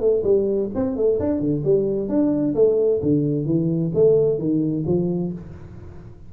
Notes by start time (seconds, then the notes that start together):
0.00 A3
0.24 G3
0.75 C4
0.96 A3
1.20 D4
1.40 D3
1.64 G3
2.09 D4
2.55 A3
3.02 D3
3.46 E3
3.94 A3
4.38 D#3
4.87 F3